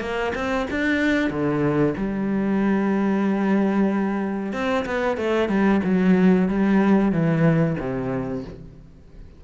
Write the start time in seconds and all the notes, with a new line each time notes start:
0.00 A#3
0.34 C4
0.70 D4
1.30 D3
1.97 G3
4.52 C4
4.85 B3
5.17 A3
5.48 G3
5.84 F#3
6.48 G3
7.11 E3
7.79 C3